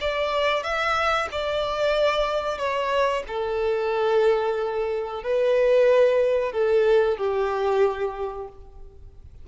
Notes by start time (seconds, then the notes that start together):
0.00 D5
0.63 E5
1.31 D5
2.58 C#5
3.27 A4
5.23 B4
6.52 A4
7.17 G4